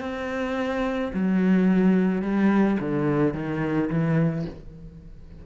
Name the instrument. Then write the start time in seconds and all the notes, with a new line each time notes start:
cello
0.00 C4
1.13 F#3
2.21 G3
2.80 D3
3.34 D#3
3.89 E3